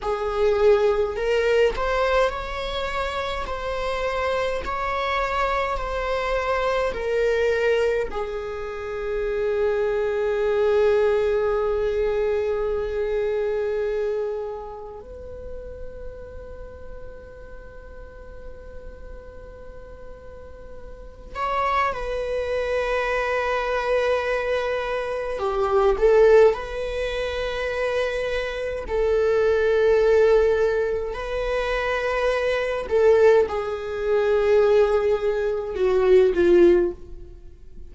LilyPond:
\new Staff \with { instrumentName = "viola" } { \time 4/4 \tempo 4 = 52 gis'4 ais'8 c''8 cis''4 c''4 | cis''4 c''4 ais'4 gis'4~ | gis'1~ | gis'4 b'2.~ |
b'2~ b'8 cis''8 b'4~ | b'2 g'8 a'8 b'4~ | b'4 a'2 b'4~ | b'8 a'8 gis'2 fis'8 f'8 | }